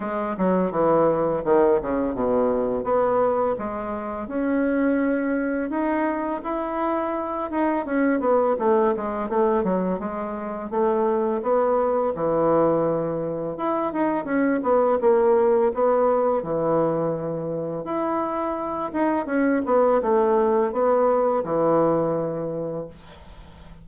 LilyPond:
\new Staff \with { instrumentName = "bassoon" } { \time 4/4 \tempo 4 = 84 gis8 fis8 e4 dis8 cis8 b,4 | b4 gis4 cis'2 | dis'4 e'4. dis'8 cis'8 b8 | a8 gis8 a8 fis8 gis4 a4 |
b4 e2 e'8 dis'8 | cis'8 b8 ais4 b4 e4~ | e4 e'4. dis'8 cis'8 b8 | a4 b4 e2 | }